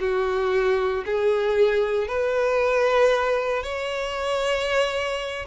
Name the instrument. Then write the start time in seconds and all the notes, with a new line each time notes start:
violin
0.00 F#4
1.06 G#4
2.08 B4
3.63 C#5